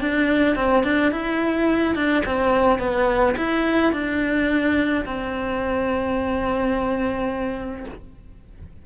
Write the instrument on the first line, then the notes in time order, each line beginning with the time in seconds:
cello
0.00 D4
0.55 C4
0.84 D4
1.11 E4
1.95 D4
2.25 C4
2.79 B3
3.36 E4
3.92 D4
5.05 C4